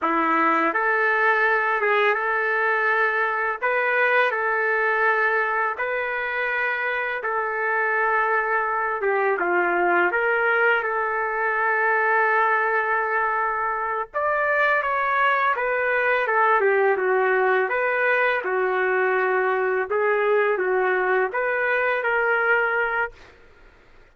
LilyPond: \new Staff \with { instrumentName = "trumpet" } { \time 4/4 \tempo 4 = 83 e'4 a'4. gis'8 a'4~ | a'4 b'4 a'2 | b'2 a'2~ | a'8 g'8 f'4 ais'4 a'4~ |
a'2.~ a'8 d''8~ | d''8 cis''4 b'4 a'8 g'8 fis'8~ | fis'8 b'4 fis'2 gis'8~ | gis'8 fis'4 b'4 ais'4. | }